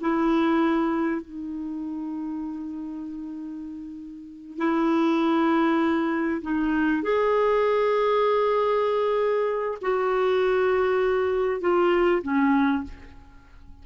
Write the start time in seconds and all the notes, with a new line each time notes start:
0.00 E4
1.21 D#4
4.58 E4
6.42 D#4
7.03 G#4
9.82 F#4
11.61 F4
12.22 C#4